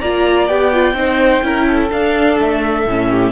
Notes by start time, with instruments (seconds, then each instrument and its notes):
0.00 cello A#3, viola F4, violin D5 A#5
0.48 cello B3, viola G4, violin G5
0.73 viola F4
0.93 cello C4, viola D#4, violin C5
1.42 cello C#4, viola E4, violin A#4
1.68 violin A4
1.90 viola D4, cello D4, violin F5
2.40 cello A3, violin E5
2.86 cello A2, viola C#4
3.09 violin G4